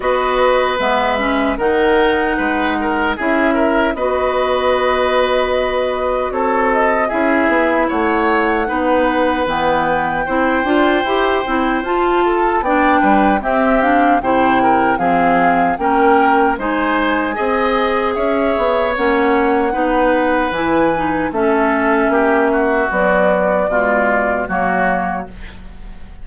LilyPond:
<<
  \new Staff \with { instrumentName = "flute" } { \time 4/4 \tempo 4 = 76 dis''4 e''4 fis''2 | e''4 dis''2. | cis''8 dis''8 e''4 fis''2 | g''2. a''4 |
g''4 e''8 f''8 g''4 f''4 | g''4 gis''2 e''4 | fis''2 gis''4 e''4~ | e''4 d''2 cis''4 | }
  \new Staff \with { instrumentName = "oboe" } { \time 4/4 b'2 ais'4 b'8 ais'8 | gis'8 ais'8 b'2. | a'4 gis'4 cis''4 b'4~ | b'4 c''2~ c''8 a'8 |
d''8 b'8 g'4 c''8 ais'8 gis'4 | ais'4 c''4 dis''4 cis''4~ | cis''4 b'2 a'4 | g'8 fis'4. f'4 fis'4 | }
  \new Staff \with { instrumentName = "clarinet" } { \time 4/4 fis'4 b8 cis'8 dis'2 | e'4 fis'2.~ | fis'4 e'2 dis'4 | b4 e'8 f'8 g'8 e'8 f'4 |
d'4 c'8 d'8 e'4 c'4 | cis'4 dis'4 gis'2 | cis'4 dis'4 e'8 dis'8 cis'4~ | cis'4 fis4 gis4 ais4 | }
  \new Staff \with { instrumentName = "bassoon" } { \time 4/4 b4 gis4 dis4 gis4 | cis'4 b2. | c'4 cis'8 b8 a4 b4 | e4 c'8 d'8 e'8 c'8 f'4 |
b8 g8 c'4 c4 f4 | ais4 gis4 c'4 cis'8 b8 | ais4 b4 e4 a4 | ais4 b4 b,4 fis4 | }
>>